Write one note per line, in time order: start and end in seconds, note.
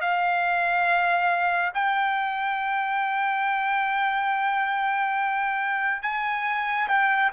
0.00 1.71 F5
1.74 6.02 G5
6.02 6.88 G#5
6.88 7.31 G5